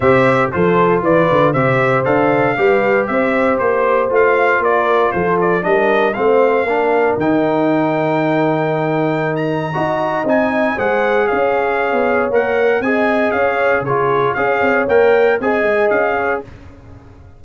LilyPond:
<<
  \new Staff \with { instrumentName = "trumpet" } { \time 4/4 \tempo 4 = 117 e''4 c''4 d''4 e''4 | f''2 e''4 c''4 | f''4 d''4 c''8 d''8 dis''4 | f''2 g''2~ |
g''2~ g''16 ais''4.~ ais''16 | gis''4 fis''4 f''2 | fis''4 gis''4 f''4 cis''4 | f''4 g''4 gis''4 f''4 | }
  \new Staff \with { instrumentName = "horn" } { \time 4/4 c''4 a'4 b'4 c''4~ | c''4 b'4 c''2~ | c''4 ais'4 a'4 ais'4 | c''4 ais'2.~ |
ais'2. dis''4~ | dis''4 c''4 cis''2~ | cis''4 dis''4 cis''4 gis'4 | cis''2 dis''4. cis''8 | }
  \new Staff \with { instrumentName = "trombone" } { \time 4/4 g'4 f'2 g'4 | a'4 g'2. | f'2. d'4 | c'4 d'4 dis'2~ |
dis'2. fis'4 | dis'4 gis'2. | ais'4 gis'2 f'4 | gis'4 ais'4 gis'2 | }
  \new Staff \with { instrumentName = "tuba" } { \time 4/4 c4 f4 e8 d8 c4 | d'4 g4 c'4 ais4 | a4 ais4 f4 g4 | a4 ais4 dis2~ |
dis2. dis'4 | c'4 gis4 cis'4~ cis'16 b8. | ais4 c'4 cis'4 cis4 | cis'8 c'8 ais4 c'8 gis8 cis'4 | }
>>